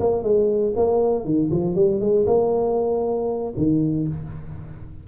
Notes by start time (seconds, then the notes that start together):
0.00 A#3
0.23 G#3
0.76 A#3
1.25 D#3
1.51 F3
1.75 G3
2.00 G#3
2.27 A#3
3.57 D#3